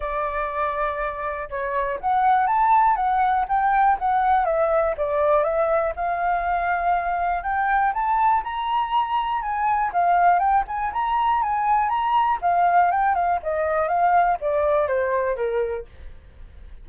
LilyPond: \new Staff \with { instrumentName = "flute" } { \time 4/4 \tempo 4 = 121 d''2. cis''4 | fis''4 a''4 fis''4 g''4 | fis''4 e''4 d''4 e''4 | f''2. g''4 |
a''4 ais''2 gis''4 | f''4 g''8 gis''8 ais''4 gis''4 | ais''4 f''4 g''8 f''8 dis''4 | f''4 d''4 c''4 ais'4 | }